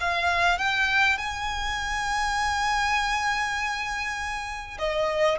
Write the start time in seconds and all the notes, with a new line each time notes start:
0.00 F5
0.58 G5
1.18 G#5
4.78 D#5